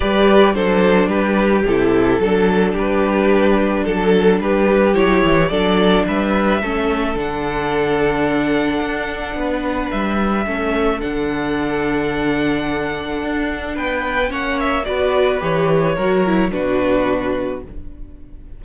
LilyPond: <<
  \new Staff \with { instrumentName = "violin" } { \time 4/4 \tempo 4 = 109 d''4 c''4 b'4 a'4~ | a'4 b'2 a'4 | b'4 cis''4 d''4 e''4~ | e''4 fis''2.~ |
fis''2 e''2 | fis''1~ | fis''4 g''4 fis''8 e''8 d''4 | cis''2 b'2 | }
  \new Staff \with { instrumentName = "violin" } { \time 4/4 b'4 a'4 g'2 | a'4 g'2 a'4 | g'2 a'4 b'4 | a'1~ |
a'4 b'2 a'4~ | a'1~ | a'4 b'4 cis''4 b'4~ | b'4 ais'4 fis'2 | }
  \new Staff \with { instrumentName = "viola" } { \time 4/4 g'4 d'2 e'4 | d'1~ | d'4 e'4 d'2 | cis'4 d'2.~ |
d'2. cis'4 | d'1~ | d'2 cis'4 fis'4 | g'4 fis'8 e'8 d'2 | }
  \new Staff \with { instrumentName = "cello" } { \time 4/4 g4 fis4 g4 c4 | fis4 g2 fis4 | g4 fis8 e8 fis4 g4 | a4 d2. |
d'4 b4 g4 a4 | d1 | d'4 b4 ais4 b4 | e4 fis4 b,2 | }
>>